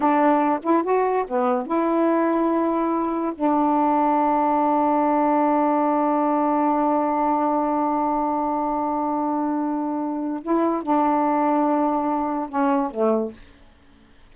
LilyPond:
\new Staff \with { instrumentName = "saxophone" } { \time 4/4 \tempo 4 = 144 d'4. e'8 fis'4 b4 | e'1 | d'1~ | d'1~ |
d'1~ | d'1~ | d'4 e'4 d'2~ | d'2 cis'4 a4 | }